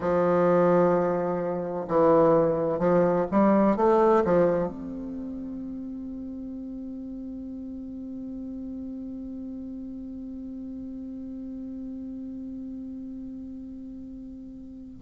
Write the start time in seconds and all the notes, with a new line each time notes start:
0.00 F3
1.87 E3
2.79 F3
3.31 G3
3.76 A3
4.24 F3
4.67 C4